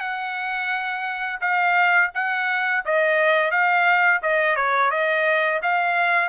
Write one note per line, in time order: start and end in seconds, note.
0.00 1.40 F#5
1.41 2.11 F5
2.14 2.84 F#5
2.85 3.51 D#5
3.51 4.21 F5
4.22 4.56 D#5
4.56 4.91 C#5
4.91 5.60 D#5
5.62 6.29 F5